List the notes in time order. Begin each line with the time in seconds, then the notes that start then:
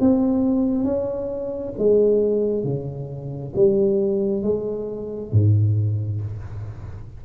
0.00 C4
0.84 C#4
1.78 G#3
2.63 C#3
3.55 G3
4.42 G#3
5.32 G#2